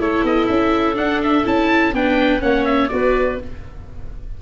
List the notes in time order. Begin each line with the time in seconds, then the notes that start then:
0.00 A3 E4 A4 C#5
0.24 B3 D#5
0.47 C#4 E5
0.95 D4 F#5
1.23 E5
1.45 C#4 E4 A5
1.93 B3 D4 B4 G5
2.41 A#3 C#4 C#5 F#5
2.65 E5
2.89 B3 F#4 B4 D5